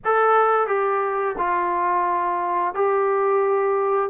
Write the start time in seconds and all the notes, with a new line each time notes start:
0.04 A4
0.67 G4
1.38 F4
2.74 G4